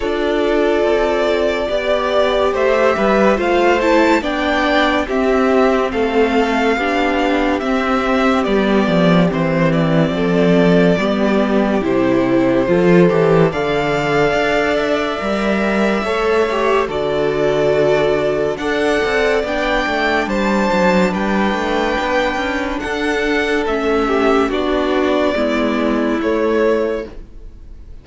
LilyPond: <<
  \new Staff \with { instrumentName = "violin" } { \time 4/4 \tempo 4 = 71 d''2. e''4 | f''8 a''8 g''4 e''4 f''4~ | f''4 e''4 d''4 c''8 d''8~ | d''2 c''2 |
f''4. e''2~ e''8 | d''2 fis''4 g''4 | a''4 g''2 fis''4 | e''4 d''2 cis''4 | }
  \new Staff \with { instrumentName = "violin" } { \time 4/4 a'2 d''4 c''8 b'8 | c''4 d''4 g'4 a'4 | g'1 | a'4 g'2 a'4 |
d''2. cis''4 | a'2 d''2 | c''4 b'2 a'4~ | a'8 g'8 fis'4 e'2 | }
  \new Staff \with { instrumentName = "viola" } { \time 4/4 f'2 g'2 | f'8 e'8 d'4 c'2 | d'4 c'4 b4 c'4~ | c'4 b4 e'4 f'8 g'8 |
a'2 ais'4 a'8 g'8 | fis'2 a'4 d'4~ | d'1 | cis'4 d'4 b4 a4 | }
  \new Staff \with { instrumentName = "cello" } { \time 4/4 d'4 c'4 b4 a8 g8 | a4 b4 c'4 a4 | b4 c'4 g8 f8 e4 | f4 g4 c4 f8 e8 |
d4 d'4 g4 a4 | d2 d'8 c'8 b8 a8 | g8 fis8 g8 a8 b8 cis'8 d'4 | a4 b4 gis4 a4 | }
>>